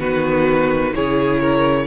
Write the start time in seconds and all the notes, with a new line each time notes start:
0.00 D#3 B3 F#4 B4
0.94 C#3 E4 G#4 C#5
1.41 A#4